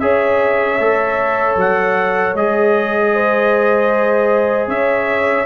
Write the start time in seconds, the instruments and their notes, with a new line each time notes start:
0.00 tuba C#4, trombone G#4, horn C#5, trumpet E5
0.80 tuba A3, trombone A4
1.56 tuba F#3, trumpet F#5
2.34 tuba G#3, trombone G#4, trumpet D#5
3.14 horn C5
4.68 tuba C#4, horn C#5, trumpet E5